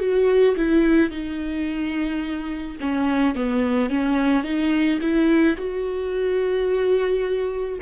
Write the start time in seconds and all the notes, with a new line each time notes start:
0.00 F#4
0.57 E4
1.11 D#4
2.80 C#4
3.35 B3
3.90 C#4
4.44 D#4
5.02 E4
5.57 F#4